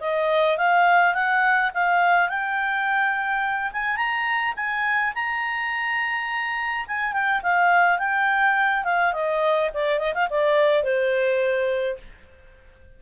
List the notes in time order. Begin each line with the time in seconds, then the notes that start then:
0.00 D#5
0.57 F5
1.14 F#5
1.74 F5
2.29 G5
3.72 G#5
3.96 A#5
4.56 G#5
5.14 A#5
6.87 G#5
7.12 G5
7.42 F5
7.98 G5
8.84 F5
9.13 D#5
9.74 D5
9.99 D#5
10.14 F5
10.29 D5
10.83 C5